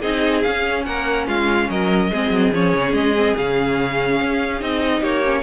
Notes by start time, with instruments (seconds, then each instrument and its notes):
0.00 cello C4, viola D#4, violin G#4 D#5
0.42 viola C#4, cello C#4, violin F5
0.85 cello A#3, violin A#4 F#5
1.27 cello G#3, violin F4 F5
1.69 cello F#3, violin A#4 D#5
2.10 cello G#3, viola C4, violin G#4
2.30 cello F#3
2.53 cello F3, viola C#4, violin C#5
2.73 cello C#3
2.92 cello G#3, violin D#5
3.16 viola C4
3.37 cello C#3, viola C#4, violin F5
4.20 cello C#4
4.60 cello C4, viola D#4, violin D#5
5.00 cello A#3, violin G4 C#5
5.24 viola C#4